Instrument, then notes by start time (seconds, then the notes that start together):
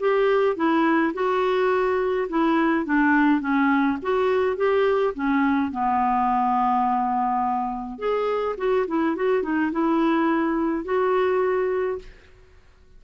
clarinet
0.00 G4
0.56 E4
1.14 F#4
2.29 E4
2.86 D4
3.41 C#4
4.02 F#4
4.57 G4
5.15 C#4
5.71 B3
7.99 G#4
8.57 F#4
8.87 E4
9.16 F#4
9.43 D#4
9.72 E4
10.84 F#4